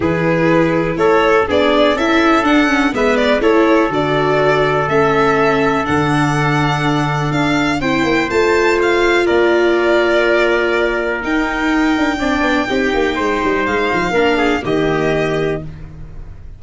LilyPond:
<<
  \new Staff \with { instrumentName = "violin" } { \time 4/4 \tempo 4 = 123 b'2 cis''4 d''4 | e''4 fis''4 e''8 d''8 cis''4 | d''2 e''2 | fis''2. f''4 |
g''4 a''4 f''4 d''4~ | d''2. g''4~ | g''1 | f''2 dis''2 | }
  \new Staff \with { instrumentName = "trumpet" } { \time 4/4 gis'2 a'4 gis'4 | a'2 b'4 a'4~ | a'1~ | a'1 |
c''2. ais'4~ | ais'1~ | ais'4 d''4 g'4 c''4~ | c''4 ais'8 gis'8 g'2 | }
  \new Staff \with { instrumentName = "viola" } { \time 4/4 e'2. d'4 | e'4 d'8 cis'8 b4 e'4 | fis'2 cis'2 | d'1 |
e'4 f'2.~ | f'2. dis'4~ | dis'4 d'4 dis'2~ | dis'4 d'4 ais2 | }
  \new Staff \with { instrumentName = "tuba" } { \time 4/4 e2 a4 b4 | cis'4 d'4 gis4 a4 | d2 a2 | d2. d'4 |
c'8 ais8 a2 ais4~ | ais2. dis'4~ | dis'8 d'8 c'8 b8 c'8 ais8 gis8 g8 | gis8 f8 ais4 dis2 | }
>>